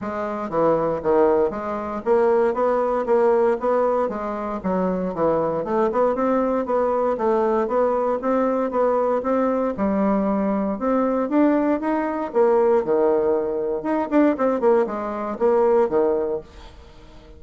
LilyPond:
\new Staff \with { instrumentName = "bassoon" } { \time 4/4 \tempo 4 = 117 gis4 e4 dis4 gis4 | ais4 b4 ais4 b4 | gis4 fis4 e4 a8 b8 | c'4 b4 a4 b4 |
c'4 b4 c'4 g4~ | g4 c'4 d'4 dis'4 | ais4 dis2 dis'8 d'8 | c'8 ais8 gis4 ais4 dis4 | }